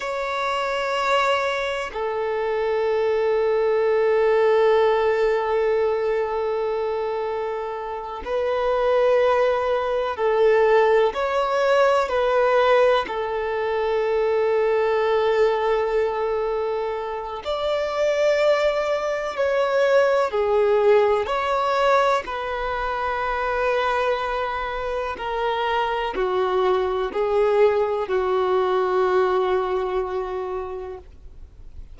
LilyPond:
\new Staff \with { instrumentName = "violin" } { \time 4/4 \tempo 4 = 62 cis''2 a'2~ | a'1~ | a'8 b'2 a'4 cis''8~ | cis''8 b'4 a'2~ a'8~ |
a'2 d''2 | cis''4 gis'4 cis''4 b'4~ | b'2 ais'4 fis'4 | gis'4 fis'2. | }